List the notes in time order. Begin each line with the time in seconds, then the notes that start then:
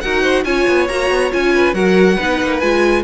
0.00 D#4 F#4 A#4 F#5
0.22 C5
0.44 C#4 F4 C#5 G#5
0.67 B3
0.88 A#3 F#4 A#5
1.10 B3
1.31 C#4 F4 G#5
1.54 B4
1.73 F#3 F#4 A#4 F#5
2.15 B3 D#4 B4
2.42 A#3
2.59 G#3 F4 G#5